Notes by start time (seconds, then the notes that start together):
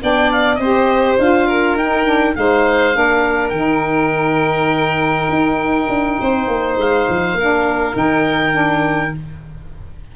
0.00 B3 D4 D5 G5
0.32 F5
0.55 C4 C5 D#5
0.62 G4
1.18 D4 F4 F5
1.46 A#4
1.75 D#4 G5
2.05 D4
2.35 G#3 D#4 C5 F5
2.93 A#3 D4 A#4
3.49 D#3 D#4 G5
5.29 D#4
5.89 D4
6.20 C4 C5
6.47 A#3
6.77 G#3 F5
7.08 F3
7.34 A#3 D4 A#4
7.93 D#3 D#4 G5
8.52 D4